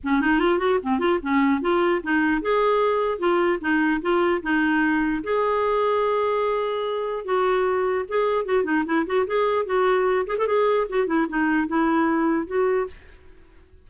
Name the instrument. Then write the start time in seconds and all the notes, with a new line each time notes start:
clarinet
0.03 C#4
0.21 D#4
0.39 F4
0.59 F#4
0.83 C4
0.99 F4
1.22 C#4
1.61 F4
2.03 D#4
2.41 G#4
3.18 F4
3.61 D#4
4.01 F4
4.42 D#4
5.23 G#4
7.24 F#4
8.08 G#4
8.45 F#4
8.64 D#4
8.85 E4
9.06 F#4
9.27 G#4
9.65 F#4
10.26 G#4
10.38 A4
10.46 G#4
10.89 F#4
11.06 E4
11.28 D#4
11.67 E4
12.46 F#4